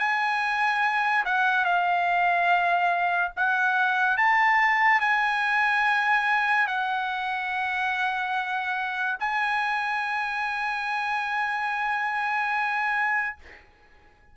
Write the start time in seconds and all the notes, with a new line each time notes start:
0.00 G#5
1.26 F#5
1.66 F5
3.37 F#5
4.17 A5
5.01 G#5
6.68 F#5
9.20 G#5